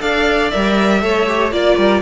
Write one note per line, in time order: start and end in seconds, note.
0.00 0.52 D4
0.00 0.50 A4
0.00 1.02 D5
0.00 0.51 F5
0.51 1.03 G3
0.51 1.01 A#4
0.51 1.52 E5
1.01 1.52 A3
1.01 1.26 A4
1.01 1.53 C#5
1.27 1.52 G4
1.52 1.77 A#3
1.52 2.02 F4
1.52 2.03 D5
1.52 1.76 D5
1.76 2.03 G3
1.76 2.01 A#4